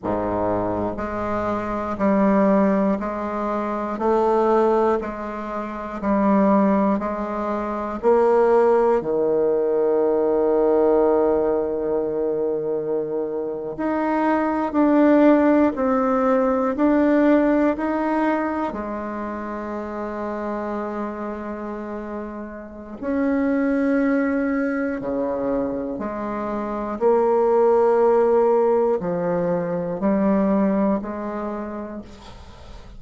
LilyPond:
\new Staff \with { instrumentName = "bassoon" } { \time 4/4 \tempo 4 = 60 gis,4 gis4 g4 gis4 | a4 gis4 g4 gis4 | ais4 dis2.~ | dis4.~ dis16 dis'4 d'4 c'16~ |
c'8. d'4 dis'4 gis4~ gis16~ | gis2. cis'4~ | cis'4 cis4 gis4 ais4~ | ais4 f4 g4 gis4 | }